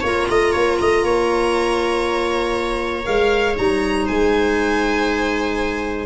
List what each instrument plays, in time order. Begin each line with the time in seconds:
0.00 tuba A#3, clarinet F4, viola C#5, violin A#5
0.28 tuba A3, viola D#5
0.51 tuba A#3, viola C#5
0.80 tuba A3, viola D#5
1.02 tuba A#3, viola C#5
3.03 tuba G#3, clarinet A#4, violin F5
3.55 tuba G3, clarinet D#4, violin A#5
4.05 tuba G#3, viola C5, violin G#5